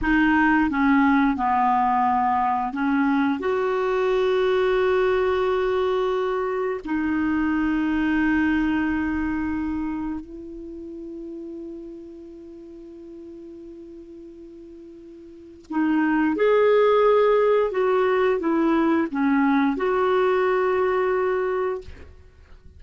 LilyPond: \new Staff \with { instrumentName = "clarinet" } { \time 4/4 \tempo 4 = 88 dis'4 cis'4 b2 | cis'4 fis'2.~ | fis'2 dis'2~ | dis'2. e'4~ |
e'1~ | e'2. dis'4 | gis'2 fis'4 e'4 | cis'4 fis'2. | }